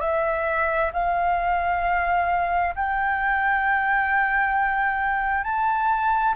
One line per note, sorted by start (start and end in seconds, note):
0.00 0.91 E5
0.93 2.74 F5
2.75 5.43 G5
5.43 6.34 A5